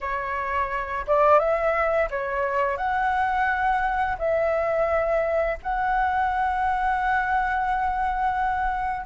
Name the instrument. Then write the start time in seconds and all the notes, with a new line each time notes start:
flute
0.01 C#5
1.07 D5
1.39 E5
2.10 C#5
2.77 F#5
4.18 E5
5.62 F#5